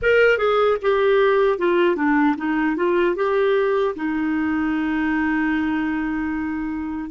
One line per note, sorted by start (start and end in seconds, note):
0.01 0.37 A#4
0.37 0.77 G#4
0.82 1.58 G4
1.58 1.96 F4
1.96 2.35 D4
2.37 2.76 D#4
2.76 3.15 F4
3.15 3.94 G4
3.95 7.10 D#4